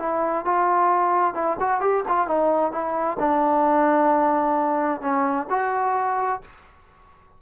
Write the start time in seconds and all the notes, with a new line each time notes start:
0.00 E4
0.45 F4
1.35 E4
1.60 F#4
1.81 G4
2.09 F4
2.28 D#4
2.72 E4
3.20 D4
5.02 C#4
5.50 F#4